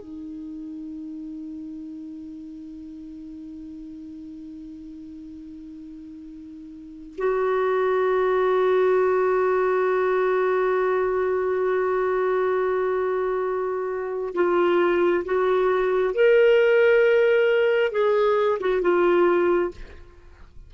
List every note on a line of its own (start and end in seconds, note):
0.00 7.16 D#4
7.18 14.34 F#4
14.35 15.25 F4
15.25 16.14 F#4
16.14 17.92 A#4
17.92 18.59 G#4
18.61 18.82 F#4
18.82 19.72 F4